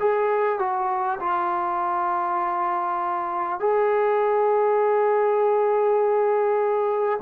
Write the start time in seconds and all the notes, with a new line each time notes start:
0.00 G#4
0.59 F#4
1.19 F4
3.59 G#4